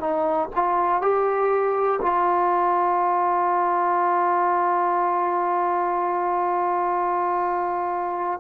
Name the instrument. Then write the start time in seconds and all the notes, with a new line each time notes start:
trombone
0.00 D#4
0.55 F4
1.02 G4
2.02 F4